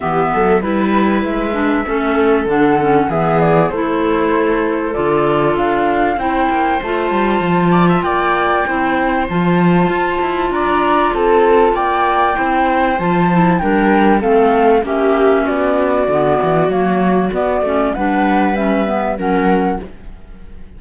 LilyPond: <<
  \new Staff \with { instrumentName = "flute" } { \time 4/4 \tempo 4 = 97 e''4 b'4 e''2 | fis''4 e''8 d''8 c''2 | d''4 f''4 g''4 a''4~ | a''4 g''2 a''4~ |
a''4 ais''4 a''4 g''4~ | g''4 a''4 g''4 f''4 | e''4 d''2 cis''4 | d''4 fis''4 e''4 fis''4 | }
  \new Staff \with { instrumentName = "viola" } { \time 4/4 g'8 a'8 b'2 a'4~ | a'4 gis'4 a'2~ | a'2 c''2~ | c''8 d''16 e''16 d''4 c''2~ |
c''4 d''4 a'4 d''4 | c''2 ais'4 a'4 | g'4 fis'2.~ | fis'4 b'2 ais'4 | }
  \new Staff \with { instrumentName = "clarinet" } { \time 4/4 b4 e'4. d'8 cis'4 | d'8 cis'8 b4 e'2 | f'2 e'4 f'4~ | f'2 e'4 f'4~ |
f'1 | e'4 f'8 e'8 d'4 c'4 | cis'2 b4 ais4 | b8 cis'8 d'4 cis'8 b8 cis'4 | }
  \new Staff \with { instrumentName = "cello" } { \time 4/4 e8 fis8 g4 gis4 a4 | d4 e4 a2 | d4 d'4 c'8 ais8 a8 g8 | f4 ais4 c'4 f4 |
f'8 e'8 d'4 c'4 ais4 | c'4 f4 g4 a4 | ais4 b4 d8 e8 fis4 | b8 a8 g2 fis4 | }
>>